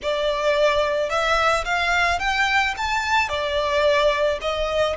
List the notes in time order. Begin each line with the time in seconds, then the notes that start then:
0.02 D5
1.09 E5
1.65 F5
2.19 G5
2.77 A5
3.28 D5
4.41 D#5